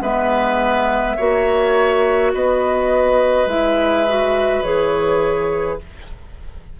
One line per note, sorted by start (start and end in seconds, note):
0.00 1.15 G#3
0.00 1.17 B3
0.00 1.16 B4
0.00 2.32 E5
1.16 2.33 A#3
1.16 3.48 F#4
1.16 2.31 C#5
2.33 3.45 B3
2.33 5.80 B4
2.33 3.47 D#5
3.45 4.61 G#3
3.45 4.06 E4
3.45 4.62 E5
4.07 4.63 F#4
4.62 5.78 E3
4.62 5.79 G#4
4.62 5.78 C#5